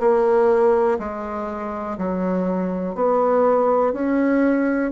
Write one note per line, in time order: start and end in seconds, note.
0.00 0.98 A#3
0.99 1.98 G#3
1.98 2.95 F#3
2.95 3.93 B3
3.93 4.92 C#4